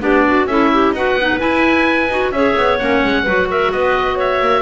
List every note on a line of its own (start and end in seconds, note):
0.00 0.46 B3
0.00 0.46 D4
0.00 0.26 G4
0.00 0.47 D5
0.27 0.50 F#4
0.46 0.92 C#4
0.46 0.96 E4
0.46 0.71 A4
0.46 0.93 E5
0.73 0.96 G4
0.92 1.15 D#4
0.92 1.19 F#4
0.92 2.34 B4
0.92 1.40 F#5
1.15 1.38 B3
1.15 1.39 D#4
1.39 2.09 E4
1.39 2.32 G#5
2.09 2.32 D#4
2.09 2.33 F#4
2.32 2.55 C#4
2.32 2.80 G#4
2.32 3.24 C#5
2.32 2.78 E5
2.57 2.80 B3
2.79 3.04 A#3
2.79 3.26 C#4
2.79 3.48 F#5
3.04 3.27 G#3
3.24 3.72 F#3
3.24 4.62 F#4
3.24 3.47 B4
3.50 3.73 A#4
3.50 3.72 E5
3.72 4.41 B3
3.72 4.16 B4
3.72 4.18 D#5
4.16 4.62 C#5
4.16 4.62 E5
4.41 4.62 A#3